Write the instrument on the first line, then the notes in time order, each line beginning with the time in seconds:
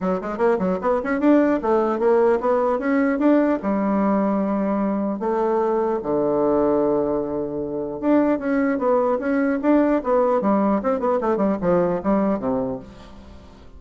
bassoon
0.00 F#3
0.21 G#3
0.37 A#3
0.58 F#3
0.81 B3
1.03 C#4
1.20 D4
1.61 A3
1.99 A#3
2.40 B3
2.79 C#4
3.19 D4
3.62 G3
5.19 A3
6.03 D3
8.00 D4
8.38 C#4
8.78 B3
9.19 C#4
9.62 D4
10.03 B3
10.41 G3
10.83 C4
10.99 B3
11.21 A3
11.36 G3
11.61 F3
12.03 G3
12.39 C3